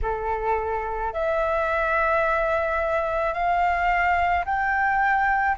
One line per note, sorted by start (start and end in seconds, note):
0.02 1.13 A4
1.13 3.33 E5
3.33 4.44 F5
4.45 5.56 G5